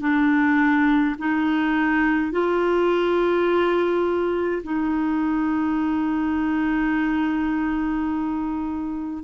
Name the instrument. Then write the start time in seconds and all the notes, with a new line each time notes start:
clarinet
0.00 D4
1.18 D#4
2.31 F4
4.63 D#4